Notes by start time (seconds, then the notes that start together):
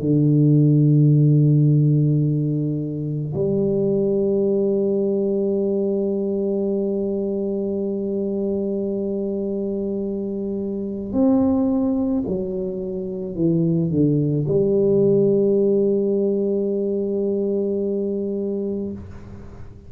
0.00 D3
3.35 G3
11.13 C4
12.27 F#3
13.35 E3
13.90 D3
14.48 G3